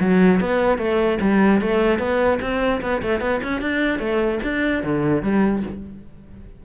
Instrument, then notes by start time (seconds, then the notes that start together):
cello
0.00 F#3
0.40 B3
0.78 A3
1.21 G3
1.61 A3
1.99 B3
2.41 C4
2.81 B3
3.02 A3
3.20 B3
3.43 C#4
3.61 D4
3.99 A3
4.43 D4
4.83 D3
5.22 G3